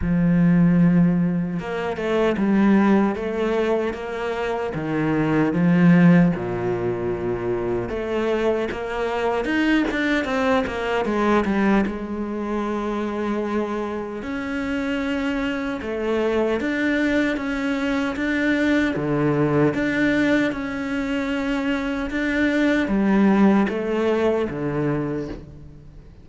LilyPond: \new Staff \with { instrumentName = "cello" } { \time 4/4 \tempo 4 = 76 f2 ais8 a8 g4 | a4 ais4 dis4 f4 | ais,2 a4 ais4 | dis'8 d'8 c'8 ais8 gis8 g8 gis4~ |
gis2 cis'2 | a4 d'4 cis'4 d'4 | d4 d'4 cis'2 | d'4 g4 a4 d4 | }